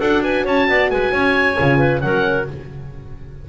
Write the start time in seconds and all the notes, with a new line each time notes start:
0.00 D4 F#4 A4 F#5
0.23 B4 G#5
0.45 C#4 C#5 A5
0.69 B3 D5
0.91 G#3 B4 G#5
1.12 C#4 C#5
1.58 C#3 F4
1.78 B4
2.01 F#3 C#4 A#4 F#5